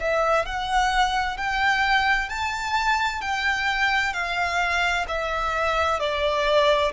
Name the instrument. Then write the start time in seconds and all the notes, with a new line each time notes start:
violin
0.00 E5
0.46 F#5
1.37 G5
2.29 A5
3.21 G5
4.13 F5
5.08 E5
6.00 D5